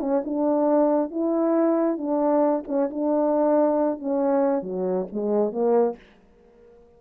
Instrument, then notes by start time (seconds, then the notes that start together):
horn
0.00 C#4
0.24 D4
1.10 E4
1.98 D4
2.67 C#4
2.90 D4
3.99 C#4
4.62 F#3
5.12 G#3
5.52 A#3